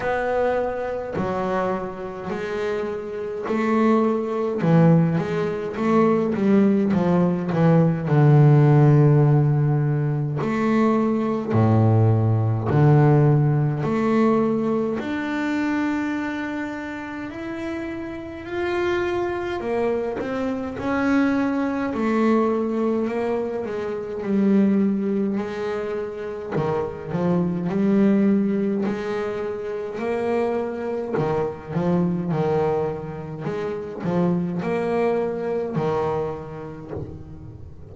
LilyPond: \new Staff \with { instrumentName = "double bass" } { \time 4/4 \tempo 4 = 52 b4 fis4 gis4 a4 | e8 gis8 a8 g8 f8 e8 d4~ | d4 a4 a,4 d4 | a4 d'2 e'4 |
f'4 ais8 c'8 cis'4 a4 | ais8 gis8 g4 gis4 dis8 f8 | g4 gis4 ais4 dis8 f8 | dis4 gis8 f8 ais4 dis4 | }